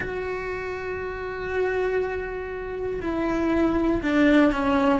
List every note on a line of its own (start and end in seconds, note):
0.00 3.00 F#4
3.01 4.01 E4
4.02 4.51 D4
4.51 5.00 C#4